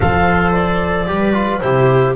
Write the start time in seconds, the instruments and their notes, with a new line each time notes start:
0.00 double bass F3, trombone A4, viola C5, clarinet F5
0.52 clarinet D5
1.06 double bass G3, trombone G4, viola B4
1.33 trombone F4
1.59 double bass C3, trombone E4, viola G4, clarinet C5